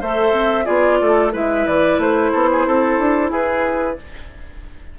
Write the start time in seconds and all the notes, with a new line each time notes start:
0.00 A3 A4 C5 E5
0.32 C4
0.65 B3 F4 G#4 D5
1.01 A3 A4
1.33 G#3 E4 B4 E5
1.67 E3 D5
1.98 A3 C5
2.32 B3 A4
2.51 G#4
2.66 C4 A4
2.98 D4
3.30 E4 G#4 B4